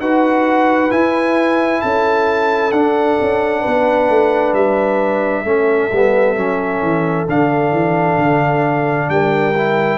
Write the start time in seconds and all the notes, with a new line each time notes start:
0.00 D#4 F#4 B4 F#5
0.90 E4 G#5
1.81 C#4 A4 A5
2.71 D4 F#5
3.20 C#4
3.60 B4
3.67 B3
4.09 A3
4.53 G3 E5
5.44 A3 C#4 A4
5.92 G3 B3
6.36 F#3 C#4
6.82 E3
7.27 D3 D4 F5
7.71 E3
8.18 D3
9.09 G3 A#4 G5
9.55 E4